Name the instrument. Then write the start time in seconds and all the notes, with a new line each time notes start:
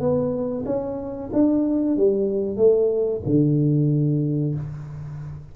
tuba
0.00 B3
0.66 C#4
1.33 D4
1.97 G3
2.57 A3
3.26 D3